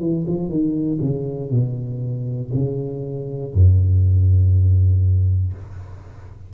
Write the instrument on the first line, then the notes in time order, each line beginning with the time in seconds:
tuba
0.00 E3
0.27 F3
0.49 D#3
1.01 C#3
1.51 B2
2.54 C#3
3.54 F#2